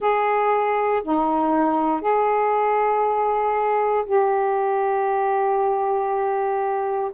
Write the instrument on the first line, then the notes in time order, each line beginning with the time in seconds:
saxophone
0.00 G#4
1.03 D#4
2.01 G#4
4.06 G4